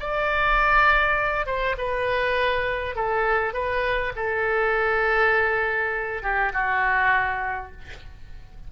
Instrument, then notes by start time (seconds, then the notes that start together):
oboe
0.00 D5
1.47 C5
1.78 B4
2.95 A4
3.53 B4
4.16 A4
6.23 G4
6.53 F#4